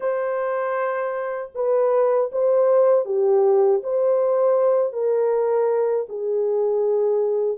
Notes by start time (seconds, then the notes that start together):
0.00 C5
1.54 B4
2.32 C5
3.05 G4
3.83 C5
4.92 A#4
6.09 G#4